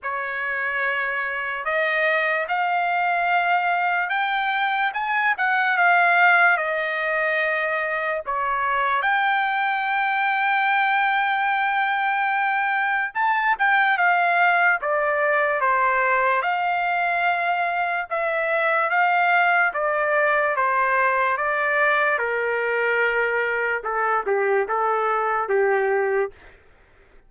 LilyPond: \new Staff \with { instrumentName = "trumpet" } { \time 4/4 \tempo 4 = 73 cis''2 dis''4 f''4~ | f''4 g''4 gis''8 fis''8 f''4 | dis''2 cis''4 g''4~ | g''1 |
a''8 g''8 f''4 d''4 c''4 | f''2 e''4 f''4 | d''4 c''4 d''4 ais'4~ | ais'4 a'8 g'8 a'4 g'4 | }